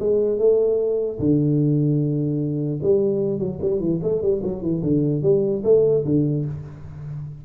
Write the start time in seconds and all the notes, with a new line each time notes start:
0.00 G#3
0.39 A3
1.20 D3
2.83 G3
3.39 F#3
3.62 G3
3.80 E3
4.03 A3
4.22 G3
4.43 F#3
4.62 E3
4.83 D3
5.23 G3
5.64 A3
6.05 D3